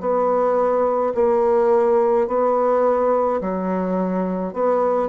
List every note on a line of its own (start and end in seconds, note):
0.00 1.13 B3
1.15 2.27 A#3
2.27 3.41 B3
3.41 4.53 F#3
4.53 5.09 B3